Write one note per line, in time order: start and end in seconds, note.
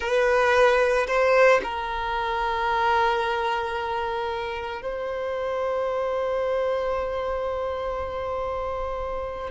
0.00 1.06 B4
1.07 1.60 C5
1.63 4.82 A#4
4.82 9.50 C5